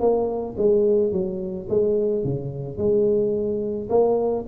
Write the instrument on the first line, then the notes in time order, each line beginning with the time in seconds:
tuba
0.00 A#3
0.58 G#3
1.12 F#3
1.69 G#3
2.24 C#3
2.77 G#3
3.89 A#3